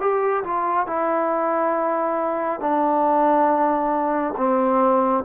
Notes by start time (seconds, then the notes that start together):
0.00 G4
0.44 F4
0.87 E4
2.60 D4
4.37 C4